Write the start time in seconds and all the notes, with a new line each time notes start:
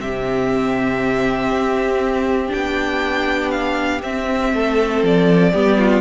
0.00 C3 C4 G4 E5
1.52 C4
2.49 B3 D4 G5
3.51 F5
4.02 C4 E5
4.54 A3 A4
5.04 F3 D5
5.53 G3 B3 G4
5.79 F4